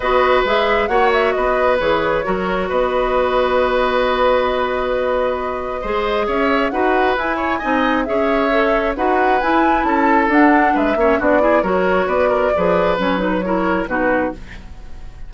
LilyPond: <<
  \new Staff \with { instrumentName = "flute" } { \time 4/4 \tempo 4 = 134 dis''4 e''4 fis''8 e''8 dis''4 | cis''2 dis''2~ | dis''1~ | dis''2 e''4 fis''4 |
gis''2 e''2 | fis''4 gis''4 a''4 fis''4 | e''4 d''4 cis''4 d''4~ | d''4 cis''8 b'8 cis''4 b'4 | }
  \new Staff \with { instrumentName = "oboe" } { \time 4/4 b'2 cis''4 b'4~ | b'4 ais'4 b'2~ | b'1~ | b'4 c''4 cis''4 b'4~ |
b'8 cis''8 dis''4 cis''2 | b'2 a'2 | b'8 cis''8 fis'8 gis'8 ais'4 b'8 ais'8 | b'2 ais'4 fis'4 | }
  \new Staff \with { instrumentName = "clarinet" } { \time 4/4 fis'4 gis'4 fis'2 | gis'4 fis'2.~ | fis'1~ | fis'4 gis'2 fis'4 |
e'4 dis'4 gis'4 a'4 | fis'4 e'2 d'4~ | d'8 cis'8 d'8 e'8 fis'2 | gis'4 cis'8 dis'8 e'4 dis'4 | }
  \new Staff \with { instrumentName = "bassoon" } { \time 4/4 b4 gis4 ais4 b4 | e4 fis4 b2~ | b1~ | b4 gis4 cis'4 dis'4 |
e'4 c'4 cis'2 | dis'4 e'4 cis'4 d'4 | gis8 ais8 b4 fis4 b4 | f4 fis2 b,4 | }
>>